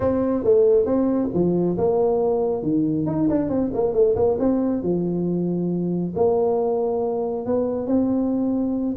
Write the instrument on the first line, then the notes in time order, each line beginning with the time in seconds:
tuba
0.00 C4
0.44 A3
0.85 C4
1.33 F3
1.77 A#3
2.63 D#3
3.06 D#4
3.29 D4
3.49 C4
3.73 A#3
3.93 A3
4.15 A#3
4.39 C4
4.82 F3
6.15 A#3
7.46 B3
7.86 C4